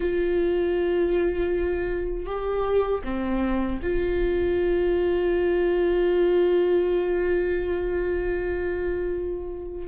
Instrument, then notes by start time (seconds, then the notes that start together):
viola
0.00 F4
2.26 G4
3.04 C4
3.82 F4